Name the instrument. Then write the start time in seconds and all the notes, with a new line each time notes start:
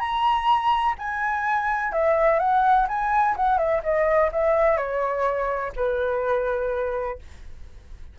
flute
0.00 A#5
0.99 G#5
1.93 E5
2.40 F#5
2.88 G#5
3.37 F#5
3.58 E5
3.84 D#5
4.32 E5
4.78 C#5
5.76 B4